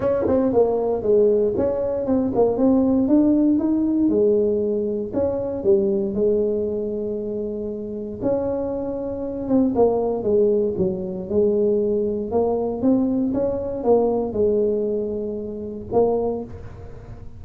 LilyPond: \new Staff \with { instrumentName = "tuba" } { \time 4/4 \tempo 4 = 117 cis'8 c'8 ais4 gis4 cis'4 | c'8 ais8 c'4 d'4 dis'4 | gis2 cis'4 g4 | gis1 |
cis'2~ cis'8 c'8 ais4 | gis4 fis4 gis2 | ais4 c'4 cis'4 ais4 | gis2. ais4 | }